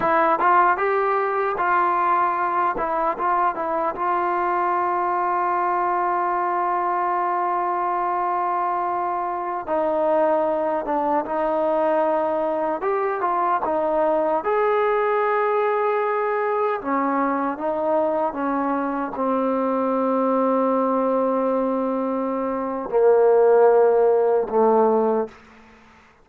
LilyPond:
\new Staff \with { instrumentName = "trombone" } { \time 4/4 \tempo 4 = 76 e'8 f'8 g'4 f'4. e'8 | f'8 e'8 f'2.~ | f'1~ | f'16 dis'4. d'8 dis'4.~ dis'16~ |
dis'16 g'8 f'8 dis'4 gis'4.~ gis'16~ | gis'4~ gis'16 cis'4 dis'4 cis'8.~ | cis'16 c'2.~ c'8.~ | c'4 ais2 a4 | }